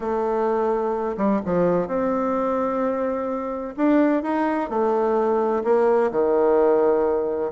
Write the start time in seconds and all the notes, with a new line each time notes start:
0.00 A3
1.17 G3
1.45 F3
1.87 C4
3.76 D4
4.23 D#4
4.69 A3
5.64 A#3
6.11 D#3